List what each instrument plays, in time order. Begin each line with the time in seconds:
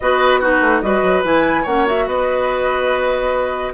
0.00 bassoon B3, clarinet F#4, oboe B4, flute D#5
0.39 clarinet D#4, oboe F#4, flute B4
0.61 bassoon A3
0.81 bassoon G3, clarinet F#4, oboe B4, flute D#5
1.02 bassoon F#3
1.24 bassoon E3, clarinet E4, flute G#5
1.62 bassoon A#3, clarinet C#4, oboe C#5, flute F#5
1.86 clarinet F#4, flute E5
2.07 bassoon B3, oboe B4, flute D#5